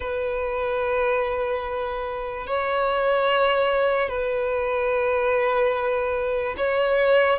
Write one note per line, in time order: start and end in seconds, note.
0.00 2.46 B4
2.46 4.09 C#5
4.09 6.55 B4
6.57 7.39 C#5